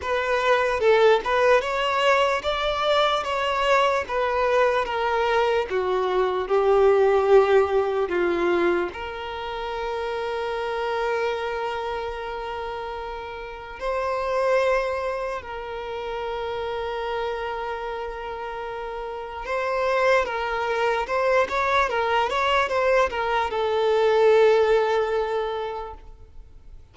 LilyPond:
\new Staff \with { instrumentName = "violin" } { \time 4/4 \tempo 4 = 74 b'4 a'8 b'8 cis''4 d''4 | cis''4 b'4 ais'4 fis'4 | g'2 f'4 ais'4~ | ais'1~ |
ais'4 c''2 ais'4~ | ais'1 | c''4 ais'4 c''8 cis''8 ais'8 cis''8 | c''8 ais'8 a'2. | }